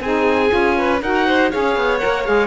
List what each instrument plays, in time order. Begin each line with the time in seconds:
0.00 cello C4, saxophone D#4, violin G#4, oboe G#5
0.48 cello C#4, saxophone F4
0.78 violin B4
1.02 cello D#4, saxophone F#4, violin A#4, oboe F#5
1.26 violin C5
1.51 cello C#4, saxophone G#4, violin C#5, oboe F5
1.76 cello B3
1.98 saxophone A#4, oboe F#5
2.04 cello A#3
2.25 cello G#3, saxophone G#4, oboe F5